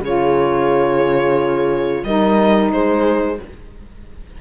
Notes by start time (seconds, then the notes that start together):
0.00 C#3 F4 G#4 C#5
2.04 G3 D#4 A#4 D#5
2.71 G#3 G#4 C5